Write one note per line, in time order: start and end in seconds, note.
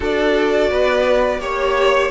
0.00 0.70 D4
0.00 1.40 F#4
0.00 0.69 A4
0.00 1.40 D5
0.69 1.39 B3
0.69 1.40 B4
1.39 2.09 A#3
1.39 2.10 G4
1.39 2.11 C#5